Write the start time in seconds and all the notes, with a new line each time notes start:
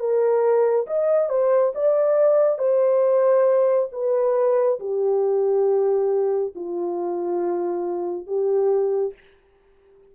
0.00 A#4
0.87 D#5
1.30 C5
1.75 D5
2.59 C5
3.92 B4
4.80 G4
6.56 F4
8.27 G4